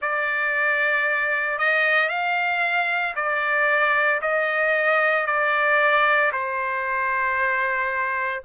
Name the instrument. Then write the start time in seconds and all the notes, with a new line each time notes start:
trumpet
0.01 D5
1.58 D#5
2.09 F5
3.15 D5
4.21 D#5
5.26 D5
6.32 C5